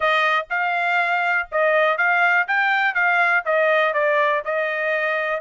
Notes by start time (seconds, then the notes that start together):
0.00 D#5
0.50 F5
1.51 D#5
1.97 F5
2.47 G5
2.94 F5
3.45 D#5
3.93 D5
4.45 D#5